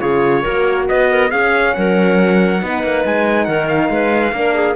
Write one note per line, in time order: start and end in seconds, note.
0.00 0.45 C#3
0.00 0.44 F4
0.00 0.42 G#4
0.00 0.86 C#5
0.42 0.89 A#3
0.42 1.31 F#4
0.42 0.85 A#4
0.88 1.32 B3
0.88 1.10 B4
0.88 1.31 D#5
1.11 1.30 A#4
1.30 1.75 C#4
1.30 2.60 C#4
1.30 1.73 G#4
1.30 1.74 F5
1.74 2.62 F#3
1.74 2.64 A#4
1.74 3.03 F#5
2.60 2.83 B3
2.60 4.33 D#4
2.60 3.47 B4
2.83 3.05 A#3
3.05 3.48 G#3
3.05 3.45 G#5
3.45 3.90 D#3
3.45 3.90 A#4
3.45 3.66 F#5
3.68 4.76 F5
3.90 4.32 G#3
3.90 4.35 B4
4.32 4.75 A#3
4.32 4.76 D4
4.32 4.55 A#4
4.55 4.76 G#4